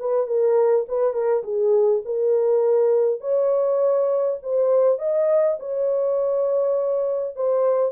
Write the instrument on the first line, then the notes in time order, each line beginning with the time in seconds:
horn
0.00 B4
0.27 A#4
0.89 B4
1.14 A#4
1.44 G#4
2.05 A#4
3.21 C#5
4.43 C5
4.99 D#5
5.60 C#5
7.36 C5